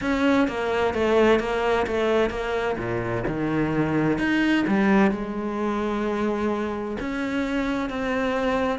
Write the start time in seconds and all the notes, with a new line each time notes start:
0.01 C#4
0.48 A#3
0.94 A3
1.39 A#3
1.86 A3
2.30 A#3
2.77 A#2
3.27 D#3
4.18 D#4
4.67 G3
5.11 G#3
7.00 C#4
7.89 C4